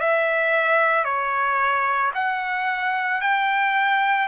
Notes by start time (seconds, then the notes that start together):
0.00 E5
1.04 C#5
2.14 F#5
3.21 G5